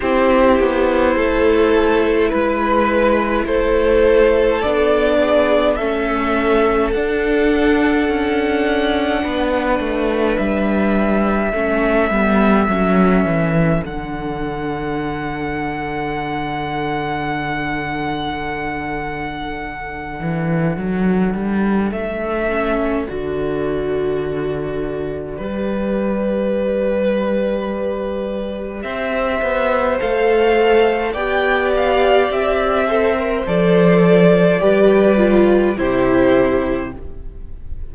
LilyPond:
<<
  \new Staff \with { instrumentName = "violin" } { \time 4/4 \tempo 4 = 52 c''2 b'4 c''4 | d''4 e''4 fis''2~ | fis''4 e''2. | fis''1~ |
fis''2. e''4 | d''1~ | d''4 e''4 f''4 g''8 f''8 | e''4 d''2 c''4 | }
  \new Staff \with { instrumentName = "violin" } { \time 4/4 g'4 a'4 b'4 a'4~ | a'8 gis'8 a'2. | b'2 a'2~ | a'1~ |
a'1~ | a'2 b'2~ | b'4 c''2 d''4~ | d''8 c''4. b'4 g'4 | }
  \new Staff \with { instrumentName = "viola" } { \time 4/4 e'1 | d'4 cis'4 d'2~ | d'2 cis'8 b8 cis'4 | d'1~ |
d'2.~ d'8 cis'8 | fis'2 g'2~ | g'2 a'4 g'4~ | g'8 a'16 ais'16 a'4 g'8 f'8 e'4 | }
  \new Staff \with { instrumentName = "cello" } { \time 4/4 c'8 b8 a4 gis4 a4 | b4 a4 d'4 cis'4 | b8 a8 g4 a8 g8 fis8 e8 | d1~ |
d4. e8 fis8 g8 a4 | d2 g2~ | g4 c'8 b8 a4 b4 | c'4 f4 g4 c4 | }
>>